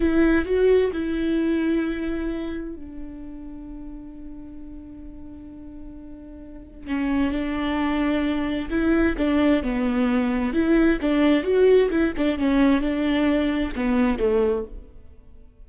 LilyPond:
\new Staff \with { instrumentName = "viola" } { \time 4/4 \tempo 4 = 131 e'4 fis'4 e'2~ | e'2 d'2~ | d'1~ | d'2. cis'4 |
d'2. e'4 | d'4 b2 e'4 | d'4 fis'4 e'8 d'8 cis'4 | d'2 b4 a4 | }